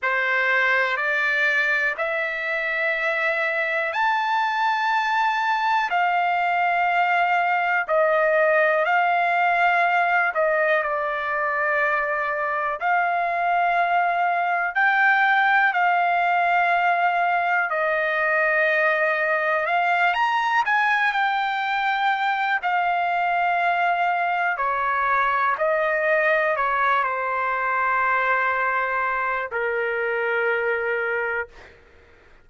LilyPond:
\new Staff \with { instrumentName = "trumpet" } { \time 4/4 \tempo 4 = 61 c''4 d''4 e''2 | a''2 f''2 | dis''4 f''4. dis''8 d''4~ | d''4 f''2 g''4 |
f''2 dis''2 | f''8 ais''8 gis''8 g''4. f''4~ | f''4 cis''4 dis''4 cis''8 c''8~ | c''2 ais'2 | }